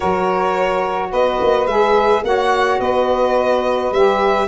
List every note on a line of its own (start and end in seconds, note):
0.00 1.12 F#3
0.00 1.67 F#4
0.00 1.09 A#4
0.00 1.11 C#5
1.10 1.40 B3
1.10 2.22 B4
1.10 1.66 D#5
1.40 1.66 A#3
1.66 2.22 G#3
1.66 2.24 G#4
1.66 2.22 E5
2.23 2.79 A#3
2.23 3.92 F#4
2.23 2.79 C#5
2.23 2.80 F#5
2.79 3.91 B3
2.79 4.47 B4
2.79 3.92 D#5
3.91 4.47 G3
3.91 4.48 G4
3.91 4.48 E5